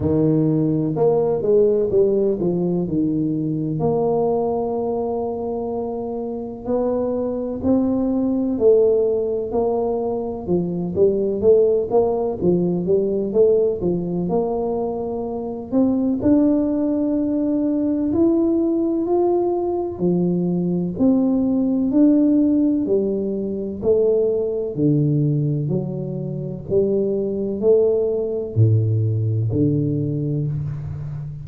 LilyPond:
\new Staff \with { instrumentName = "tuba" } { \time 4/4 \tempo 4 = 63 dis4 ais8 gis8 g8 f8 dis4 | ais2. b4 | c'4 a4 ais4 f8 g8 | a8 ais8 f8 g8 a8 f8 ais4~ |
ais8 c'8 d'2 e'4 | f'4 f4 c'4 d'4 | g4 a4 d4 fis4 | g4 a4 a,4 d4 | }